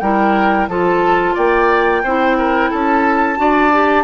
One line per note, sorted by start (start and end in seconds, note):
0.00 0.69 G3
0.00 0.70 E4
0.00 0.70 A#4
0.00 0.67 G5
0.69 1.36 F3
0.69 2.04 F4
0.69 1.35 A4
0.69 1.36 A5
1.35 2.04 A#3
1.35 2.03 D5
1.35 2.72 G5
2.04 2.71 C4
2.04 3.37 E4
2.04 2.37 C5
2.39 2.71 A#4
2.71 3.39 C#4
2.71 3.38 A4
2.71 4.04 A5
3.37 4.04 D4
3.37 3.71 F#4
3.37 4.04 D5
3.73 4.04 G4